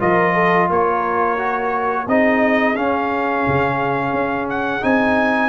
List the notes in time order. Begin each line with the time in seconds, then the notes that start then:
0.00 F3 F4 A#4 D#5
0.34 A4
0.69 A#3 A#4 C#5
1.38 F#4
2.07 C4 D#4 G#4 D#5
2.75 C#4 F5
3.48 C#3
4.13 C#4
4.49 F#5
4.82 C4 D#4 G#5